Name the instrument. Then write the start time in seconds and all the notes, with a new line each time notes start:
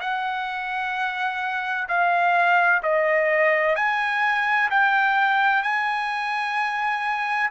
trumpet
0.00 F#5
1.88 F5
2.83 D#5
3.76 G#5
4.70 G5
5.62 G#5